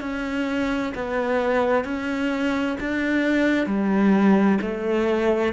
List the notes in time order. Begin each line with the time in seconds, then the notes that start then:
0.00 C#4
0.94 B3
1.84 C#4
2.80 D4
3.66 G3
4.61 A3